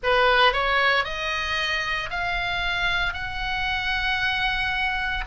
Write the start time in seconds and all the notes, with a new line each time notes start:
0.02 B4
0.53 C#5
1.04 D#5
2.10 F5
3.13 F#5